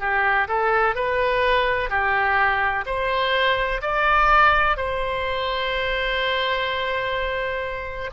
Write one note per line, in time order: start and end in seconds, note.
0.00 0.48 G4
0.48 0.95 A4
0.95 1.90 B4
1.90 2.85 G4
2.86 3.81 C5
3.82 4.77 D5
4.77 8.10 C5